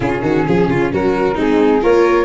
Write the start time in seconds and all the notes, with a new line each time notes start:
0.00 C#3 C#4 F4 G#4
0.21 D#3 F#4
0.47 F3 G#4
0.67 C#3 F4
0.92 F#3 F#4 A#4
1.34 G#3 C4 D#4 G#4
1.80 A#3 F4 A#4 C#5